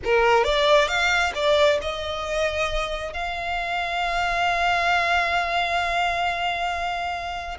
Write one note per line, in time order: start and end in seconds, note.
0.04 0.44 A#4
0.44 0.88 D5
0.88 1.32 F5
1.35 1.79 D5
1.81 3.13 D#5
3.13 7.57 F5